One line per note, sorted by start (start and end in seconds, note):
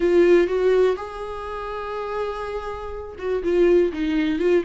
0.00 0.47 F4
0.47 0.96 F#4
0.96 3.16 G#4
3.18 3.42 F#4
3.43 3.92 F4
3.92 4.39 D#4
4.39 4.63 F4